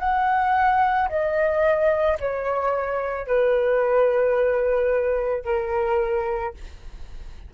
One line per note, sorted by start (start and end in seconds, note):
0.00 1.09 F#5
1.09 2.18 D#5
2.20 3.27 C#5
3.27 5.45 B4
5.45 6.54 A#4